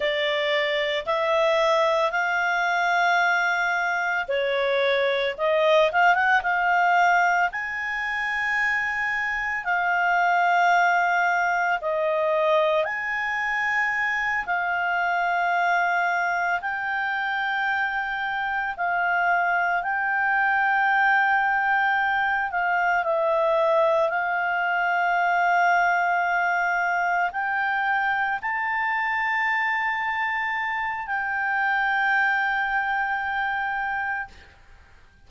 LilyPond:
\new Staff \with { instrumentName = "clarinet" } { \time 4/4 \tempo 4 = 56 d''4 e''4 f''2 | cis''4 dis''8 f''16 fis''16 f''4 gis''4~ | gis''4 f''2 dis''4 | gis''4. f''2 g''8~ |
g''4. f''4 g''4.~ | g''4 f''8 e''4 f''4.~ | f''4. g''4 a''4.~ | a''4 g''2. | }